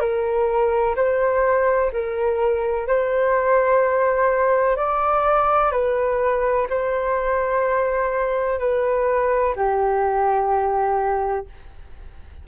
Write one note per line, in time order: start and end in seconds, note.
0.00 0.95 A#4
0.96 1.91 C5
1.93 2.87 A#4
2.87 4.77 C5
4.77 5.72 D5
5.72 6.67 B4
6.70 8.59 C5
8.59 9.55 B4
9.56 11.46 G4